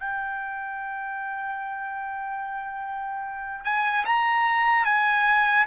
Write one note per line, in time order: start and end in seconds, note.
0.00 3.65 G5
3.65 4.05 G#5
4.06 4.85 A#5
4.85 5.66 G#5